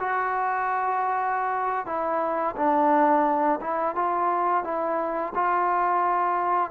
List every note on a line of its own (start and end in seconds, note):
0.00 1.86 F#4
1.86 2.55 E4
2.56 3.60 D4
3.61 3.96 E4
3.96 4.64 F4
4.64 5.33 E4
5.35 6.71 F4